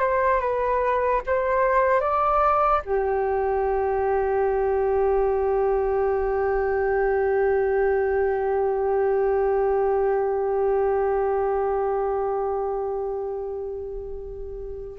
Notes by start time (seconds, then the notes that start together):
0.00 C5
0.41 B4
1.27 C5
2.01 D5
2.85 G4